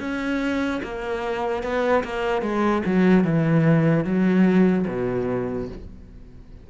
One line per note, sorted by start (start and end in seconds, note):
0.00 0.81 C#4
0.83 1.63 A#3
1.63 2.03 B3
2.04 2.41 A#3
2.41 2.82 G#3
2.86 3.24 F#3
3.24 4.05 E3
4.05 4.86 F#3
4.87 5.68 B2